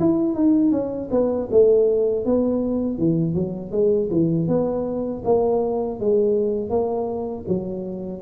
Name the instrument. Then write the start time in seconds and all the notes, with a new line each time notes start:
tuba
0.00 E4
0.34 D#4
0.72 C#4
1.11 B3
1.51 A3
2.26 B3
2.98 E3
3.34 F#3
3.72 G#3
4.11 E3
4.48 B3
5.25 A#3
6.00 G#3
6.70 A#3
7.48 F#3